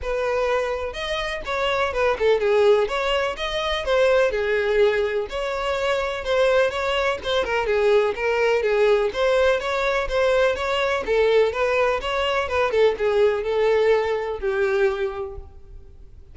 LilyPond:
\new Staff \with { instrumentName = "violin" } { \time 4/4 \tempo 4 = 125 b'2 dis''4 cis''4 | b'8 a'8 gis'4 cis''4 dis''4 | c''4 gis'2 cis''4~ | cis''4 c''4 cis''4 c''8 ais'8 |
gis'4 ais'4 gis'4 c''4 | cis''4 c''4 cis''4 a'4 | b'4 cis''4 b'8 a'8 gis'4 | a'2 g'2 | }